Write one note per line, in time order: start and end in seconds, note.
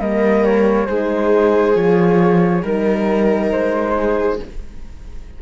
0.00 0.88 G3
0.00 0.89 A#3
0.00 0.87 A#4
0.00 0.44 D#5
0.44 0.87 C#5
0.87 1.76 G#3
0.87 1.74 D#4
0.87 2.62 G#4
0.87 1.75 C5
1.74 2.63 F3
1.74 2.62 F4
1.74 2.64 C#5
2.62 3.51 G3
2.62 4.39 D#4
2.62 3.95 A#4
2.62 3.51 A#4
3.51 4.40 G#3
3.51 4.40 C5
3.98 4.42 G#4